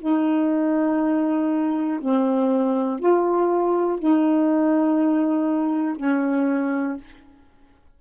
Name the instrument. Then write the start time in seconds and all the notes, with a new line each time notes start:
saxophone
0.00 D#4
2.00 C4
3.00 F4
3.99 D#4
5.96 C#4